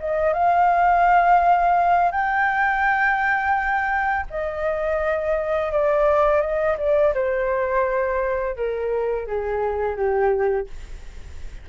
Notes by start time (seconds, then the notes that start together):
0.00 D#5
0.34 F5
2.12 G5
4.31 D#5
5.73 D5
6.41 D#5
6.78 D5
7.15 C5
8.56 A#4
9.27 G#4
9.96 G4